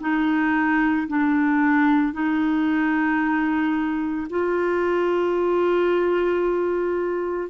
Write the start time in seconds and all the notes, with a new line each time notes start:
0.00 D#4
1.08 D4
2.13 D#4
4.30 F4